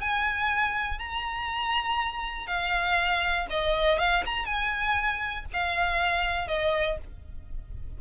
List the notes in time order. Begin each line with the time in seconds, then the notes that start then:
0.00 G#5
0.98 A#5
2.46 F5
3.50 D#5
3.98 F5
4.25 A#5
4.45 G#5
5.53 F5
6.47 D#5